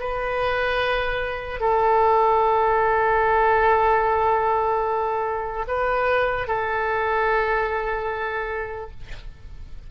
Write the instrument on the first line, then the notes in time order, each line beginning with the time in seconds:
oboe
0.00 B4
1.61 A4
5.68 B4
6.48 A4